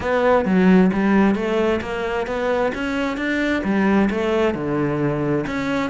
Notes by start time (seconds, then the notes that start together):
0.00 B3
0.45 F#3
0.93 G3
1.35 A3
1.81 A#3
2.26 B3
2.74 C#4
3.17 D4
3.64 G3
4.10 A3
4.54 D3
5.47 C#4